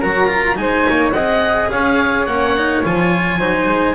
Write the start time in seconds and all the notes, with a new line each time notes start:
0.00 F#3 F#4 A#4 A#5
0.28 F4
0.56 G#3 D#4 C5 G#5
0.90 A#3 C#5
1.12 C4 G#4 D#5 F#5
1.71 C#4 C#5 F5
2.26 A#3 C#4 F#5
2.57 D#4
2.84 F3 F4 G#5
3.39 F#3 D#4 C5
3.67 G#3